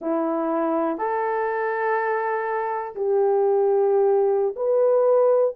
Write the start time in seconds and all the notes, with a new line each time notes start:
0.01 E4
0.97 A4
2.95 G4
4.56 B4